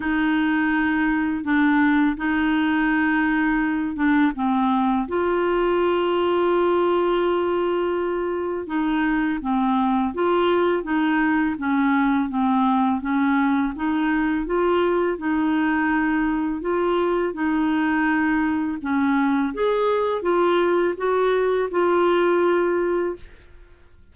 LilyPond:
\new Staff \with { instrumentName = "clarinet" } { \time 4/4 \tempo 4 = 83 dis'2 d'4 dis'4~ | dis'4. d'8 c'4 f'4~ | f'1 | dis'4 c'4 f'4 dis'4 |
cis'4 c'4 cis'4 dis'4 | f'4 dis'2 f'4 | dis'2 cis'4 gis'4 | f'4 fis'4 f'2 | }